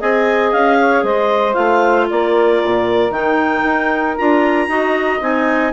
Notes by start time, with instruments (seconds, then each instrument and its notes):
0.00 bassoon C4, clarinet G#4 G#5, saxophone D#5
0.52 bassoon C#4, clarinet F5
0.79 saxophone C#5
1.04 bassoon G#3, saxophone C5, clarinet D#5
1.54 bassoon A3, clarinet F4 F5
2.10 bassoon A#3, saxophone A#4, clarinet D5
2.65 bassoon A#2
3.10 bassoon D#3, clarinet D#4 G5
3.65 bassoon D#4
4.17 bassoon D4, clarinet F4 A#5
4.69 bassoon D#4, clarinet F#4, saxophone D#5
5.21 bassoon C4, clarinet D#4 G#5